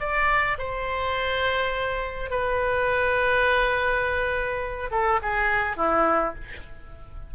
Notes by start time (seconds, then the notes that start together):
0.00 D5
0.58 C5
2.31 B4
4.91 A4
5.22 G#4
5.77 E4